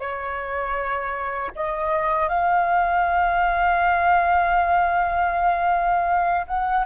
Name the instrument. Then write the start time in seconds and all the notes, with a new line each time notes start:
flute
0.00 C#5
1.56 D#5
2.29 F5
6.47 F#5